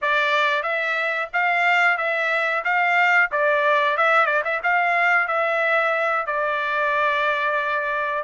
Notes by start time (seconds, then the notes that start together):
0.01 D5
0.63 E5
1.33 F5
1.97 E5
2.64 F5
3.31 D5
3.97 E5
4.25 D5
4.44 E5
4.63 F5
5.27 E5
6.26 D5